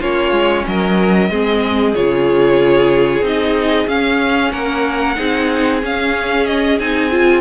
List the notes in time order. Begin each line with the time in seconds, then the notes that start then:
0.00 A#3 C#4 F4 C#5
0.31 G#3
0.66 F#3 A#4 D#5
1.30 G#3 C4 G#4
1.94 C#3 F4 C#5
3.22 C4 D#4 D#5
3.87 C#4 F5
4.51 A#3 A#4 F#5
5.16 C4 D#4 G#4
5.82 C#4 F5
6.46 D#5
6.79 C4 D#4 G#5
7.11 F4